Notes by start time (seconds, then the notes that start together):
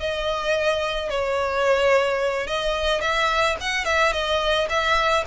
0.00 D#5
1.10 C#5
2.47 D#5
3.01 E5
3.61 F#5
3.85 E5
4.13 D#5
4.70 E5